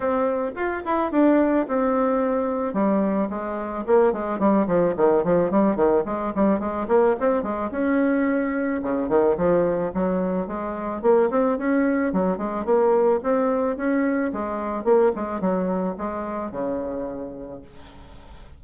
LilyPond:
\new Staff \with { instrumentName = "bassoon" } { \time 4/4 \tempo 4 = 109 c'4 f'8 e'8 d'4 c'4~ | c'4 g4 gis4 ais8 gis8 | g8 f8 dis8 f8 g8 dis8 gis8 g8 | gis8 ais8 c'8 gis8 cis'2 |
cis8 dis8 f4 fis4 gis4 | ais8 c'8 cis'4 fis8 gis8 ais4 | c'4 cis'4 gis4 ais8 gis8 | fis4 gis4 cis2 | }